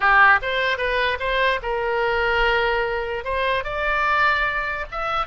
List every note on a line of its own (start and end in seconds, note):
0.00 0.39 G4
0.42 0.77 C5
0.77 1.18 B4
1.19 1.60 C5
1.62 3.24 A#4
3.24 3.63 C5
3.63 4.85 D5
4.91 5.26 E5